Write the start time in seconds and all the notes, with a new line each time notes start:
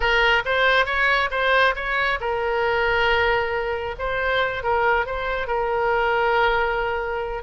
0.00 A#4
0.45 C5
0.85 C#5
1.30 C5
1.75 C#5
2.20 A#4
3.98 C5
4.63 A#4
5.05 C5
5.47 A#4